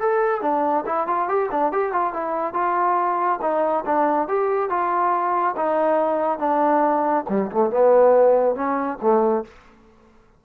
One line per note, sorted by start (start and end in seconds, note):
0.00 0.42 A4
0.42 0.85 D4
0.86 1.07 E4
1.07 1.28 F4
1.28 1.50 G4
1.51 1.72 D4
1.72 1.92 G4
1.92 2.13 F4
2.13 2.54 E4
2.54 3.40 F4
3.42 3.85 D#4
3.86 4.28 D4
4.28 4.69 G4
4.69 5.55 F4
5.57 6.39 D#4
6.39 7.25 D4
7.29 7.51 G3
7.51 7.70 A3
7.70 8.55 B3
8.55 8.98 C#4
9.02 9.45 A3